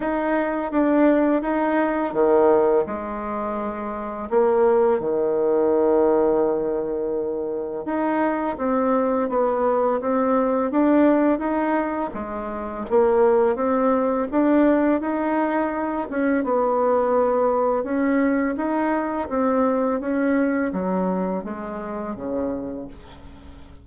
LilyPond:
\new Staff \with { instrumentName = "bassoon" } { \time 4/4 \tempo 4 = 84 dis'4 d'4 dis'4 dis4 | gis2 ais4 dis4~ | dis2. dis'4 | c'4 b4 c'4 d'4 |
dis'4 gis4 ais4 c'4 | d'4 dis'4. cis'8 b4~ | b4 cis'4 dis'4 c'4 | cis'4 fis4 gis4 cis4 | }